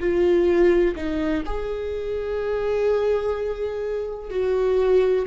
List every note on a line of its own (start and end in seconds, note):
0.00 0.95 F4
0.96 1.44 D#4
1.46 4.31 G#4
4.31 5.26 F#4